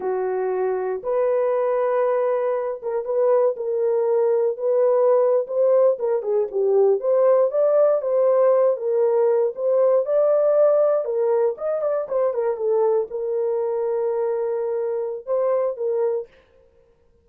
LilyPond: \new Staff \with { instrumentName = "horn" } { \time 4/4 \tempo 4 = 118 fis'2 b'2~ | b'4. ais'8 b'4 ais'4~ | ais'4 b'4.~ b'16 c''4 ais'16~ | ais'16 gis'8 g'4 c''4 d''4 c''16~ |
c''4~ c''16 ais'4. c''4 d''16~ | d''4.~ d''16 ais'4 dis''8 d''8 c''16~ | c''16 ais'8 a'4 ais'2~ ais'16~ | ais'2 c''4 ais'4 | }